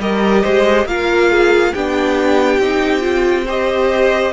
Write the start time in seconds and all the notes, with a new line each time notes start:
0.00 G3 G4 A#4 D#5
0.43 G#3 C5
0.85 A#3 F4 A#4 F5
1.31 G#4
1.74 B3 D4 G4 G5
2.58 C4 D#4
3.01 F4
3.46 G4 C5 D#5